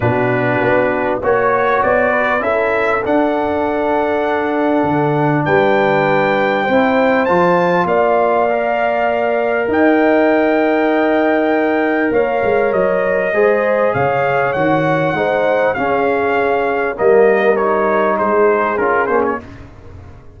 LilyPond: <<
  \new Staff \with { instrumentName = "trumpet" } { \time 4/4 \tempo 4 = 99 b'2 cis''4 d''4 | e''4 fis''2.~ | fis''4 g''2. | a''4 f''2. |
g''1 | f''4 dis''2 f''4 | fis''2 f''2 | dis''4 cis''4 c''4 ais'8 c''16 cis''16 | }
  \new Staff \with { instrumentName = "horn" } { \time 4/4 fis'2 cis''4. b'8 | a'1~ | a'4 b'2 c''4~ | c''4 d''2. |
dis''1 | cis''2 c''4 cis''4~ | cis''4 c''4 gis'2 | ais'2 gis'2 | }
  \new Staff \with { instrumentName = "trombone" } { \time 4/4 d'2 fis'2 | e'4 d'2.~ | d'2. e'4 | f'2 ais'2~ |
ais'1~ | ais'2 gis'2 | fis'4 dis'4 cis'2 | ais4 dis'2 f'8 cis'8 | }
  \new Staff \with { instrumentName = "tuba" } { \time 4/4 b,4 b4 ais4 b4 | cis'4 d'2. | d4 g2 c'4 | f4 ais2. |
dis'1 | ais8 gis8 fis4 gis4 cis4 | dis4 gis4 cis'2 | g2 gis4 cis'8 ais8 | }
>>